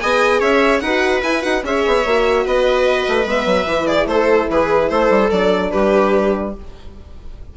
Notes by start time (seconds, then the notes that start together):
0.00 B3 G#4 D#5 G#5
0.40 C#4 C#5 E5
0.80 D#4 F#4 B4 F#5
1.23 E4 G#5
1.42 D#4 F#4 F#5
1.64 C#4 G#4 C#5 E5
1.87 B3
2.06 A#3 F#4
2.45 B3 B4 D#5
3.09 A3
3.26 G#3 B3 E5
3.46 F#3
3.66 E3 E4
3.87 G#4 D5
4.06 A3 A4 C5
4.50 E3 G#4 B4
4.89 A3 A4 C5
5.10 G3
5.31 F#3 D4 D5
5.71 G3 G4 B4